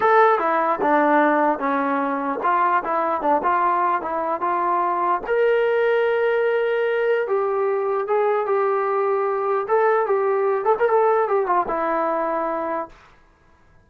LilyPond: \new Staff \with { instrumentName = "trombone" } { \time 4/4 \tempo 4 = 149 a'4 e'4 d'2 | cis'2 f'4 e'4 | d'8 f'4. e'4 f'4~ | f'4 ais'2.~ |
ais'2 g'2 | gis'4 g'2. | a'4 g'4. a'16 ais'16 a'4 | g'8 f'8 e'2. | }